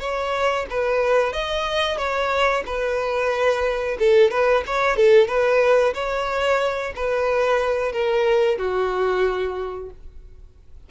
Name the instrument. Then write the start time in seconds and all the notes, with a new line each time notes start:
violin
0.00 C#5
0.70 B4
1.33 D#5
1.97 C#5
2.66 B4
3.99 A4
4.31 B4
4.66 C#5
4.96 A4
5.27 B4
5.94 C#5
6.96 B4
7.92 A#4
8.58 F#4